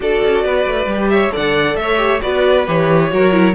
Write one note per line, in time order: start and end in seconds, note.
0.00 0.21 D4
0.00 0.89 F#4
0.00 0.44 A4
0.00 1.09 D5
0.23 0.44 C#4
0.44 0.66 B3
0.44 1.11 B4
0.66 0.86 A3
0.86 1.30 G3
0.86 1.31 G4
1.09 1.33 C#5
1.09 1.31 E5
1.31 1.75 D3
1.31 1.97 A4
1.31 1.77 D5
1.31 1.75 F#5
1.75 2.19 A3
1.75 2.20 E5
1.81 2.21 C#5
1.97 2.19 G4
2.21 2.67 B3
2.21 2.66 F#4
2.21 3.10 B4
2.21 2.65 D5
2.67 3.12 E3
2.67 3.10 G4
2.67 3.54 C#5
3.10 3.54 F#3
3.10 3.32 F#4
3.10 3.54 A#4
3.32 3.54 E4